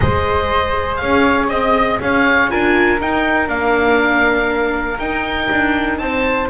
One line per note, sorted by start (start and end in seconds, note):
0.00 1.01 G#3
0.00 2.49 G#4
0.00 1.01 C5
0.00 0.96 D#5
0.96 1.49 C#4
0.96 1.50 C#5
0.96 1.46 F5
1.48 1.99 C4
1.48 1.98 D#5
1.48 2.00 D#5
2.00 2.50 C#4
2.00 2.51 C#5
2.00 2.50 F5
2.49 3.00 D4
2.49 2.99 F4
2.49 6.01 A#4
2.49 3.00 G#5
3.00 3.48 D#4
3.00 3.47 D#4
3.00 3.49 G5
3.47 4.97 A#3
3.47 4.97 D4
3.47 4.98 F5
4.98 5.48 D#4
4.98 6.50 D#4
4.98 5.98 G5
5.51 5.98 D4
5.98 6.48 C4
5.98 6.50 C5
5.98 6.48 A5